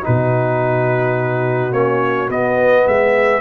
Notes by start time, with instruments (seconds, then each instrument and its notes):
0.00 trombone D#4, horn F#4, trumpet B4
0.07 tuba B2
1.72 tuba A#3, trombone C#4, trumpet C#5
2.29 trombone B3, tuba B3, trumpet D#5
2.86 tuba G#3, horn G#4, trumpet E5